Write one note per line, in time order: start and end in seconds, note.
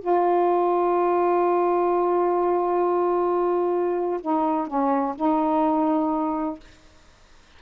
0.00 4.20 F4
4.20 4.67 D#4
4.67 5.15 C#4
5.15 6.59 D#4